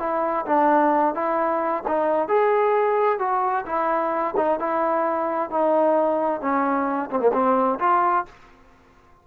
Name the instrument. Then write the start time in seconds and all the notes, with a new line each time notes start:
trombone
0.00 E4
0.46 D4
1.15 E4
1.88 D#4
2.28 G#4
3.19 F#4
3.66 E4
4.37 D#4
4.60 E4
5.51 D#4
6.41 C#4
7.11 C4
7.20 A#3
7.33 C4
7.80 F4